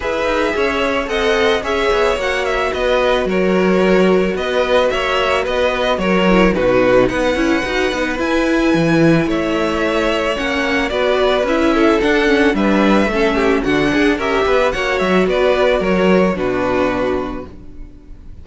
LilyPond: <<
  \new Staff \with { instrumentName = "violin" } { \time 4/4 \tempo 4 = 110 e''2 fis''4 e''4 | fis''8 e''8 dis''4 cis''2 | dis''4 e''4 dis''4 cis''4 | b'4 fis''2 gis''4~ |
gis''4 e''2 fis''4 | d''4 e''4 fis''4 e''4~ | e''4 fis''4 e''4 fis''8 e''8 | d''4 cis''4 b'2 | }
  \new Staff \with { instrumentName = "violin" } { \time 4/4 b'4 cis''4 dis''4 cis''4~ | cis''4 b'4 ais'2 | b'4 cis''4 b'4 ais'4 | fis'4 b'2.~ |
b'4 cis''2. | b'4. a'4. b'4 | a'8 g'8 fis'8 gis'8 ais'8 b'8 cis''4 | b'4 ais'4 fis'2 | }
  \new Staff \with { instrumentName = "viola" } { \time 4/4 gis'2 a'4 gis'4 | fis'1~ | fis'2.~ fis'8 e'8 | dis'4. e'8 fis'8 dis'8 e'4~ |
e'2. cis'4 | fis'4 e'4 d'8 cis'8 d'4 | cis'4 d'4 g'4 fis'4~ | fis'2 d'2 | }
  \new Staff \with { instrumentName = "cello" } { \time 4/4 e'8 dis'8 cis'4 c'4 cis'8 b8 | ais4 b4 fis2 | b4 ais4 b4 fis4 | b,4 b8 cis'8 dis'8 b8 e'4 |
e4 a2 ais4 | b4 cis'4 d'4 g4 | a4 d8 d'8 cis'8 b8 ais8 fis8 | b4 fis4 b,2 | }
>>